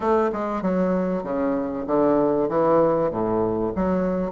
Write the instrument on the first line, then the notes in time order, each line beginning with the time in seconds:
bassoon
0.00 A3
0.32 G#3
0.62 F#3
1.23 C#3
1.86 D3
2.49 E3
3.10 A2
3.75 F#3